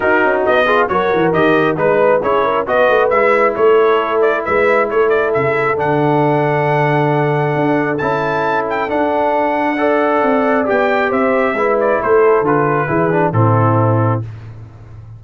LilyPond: <<
  \new Staff \with { instrumentName = "trumpet" } { \time 4/4 \tempo 4 = 135 ais'4 dis''4 cis''4 dis''4 | b'4 cis''4 dis''4 e''4 | cis''4. d''8 e''4 cis''8 d''8 | e''4 fis''2.~ |
fis''2 a''4. g''8 | fis''1 | g''4 e''4. d''8 c''4 | b'2 a'2 | }
  \new Staff \with { instrumentName = "horn" } { \time 4/4 fis'4. gis'8 ais'2 | b'4 gis'8 ais'8 b'2 | a'2 b'4 a'4~ | a'1~ |
a'1~ | a'2 d''2~ | d''4 c''4 b'4 a'4~ | a'4 gis'4 e'2 | }
  \new Staff \with { instrumentName = "trombone" } { \time 4/4 dis'4. f'8 fis'4 g'4 | dis'4 e'4 fis'4 e'4~ | e'1~ | e'4 d'2.~ |
d'2 e'2 | d'2 a'2 | g'2 e'2 | f'4 e'8 d'8 c'2 | }
  \new Staff \with { instrumentName = "tuba" } { \time 4/4 dis'8 cis'8 b4 fis8 e8 dis4 | gis4 cis'4 b8 a8 gis4 | a2 gis4 a4 | cis4 d2.~ |
d4 d'4 cis'2 | d'2. c'4 | b4 c'4 gis4 a4 | d4 e4 a,2 | }
>>